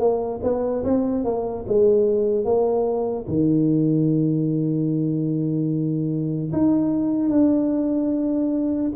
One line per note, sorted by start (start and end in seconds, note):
0.00 0.41 A#3
0.43 0.84 B3
0.84 1.25 C4
1.25 1.65 A#3
1.68 2.45 G#3
2.45 3.26 A#3
3.28 6.52 D#3
6.53 7.30 D#4
7.30 8.92 D4